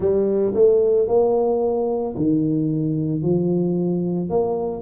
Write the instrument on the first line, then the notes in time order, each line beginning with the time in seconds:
tuba
0.00 G3
0.54 A3
1.07 A#3
2.16 D#3
3.22 F3
4.29 A#3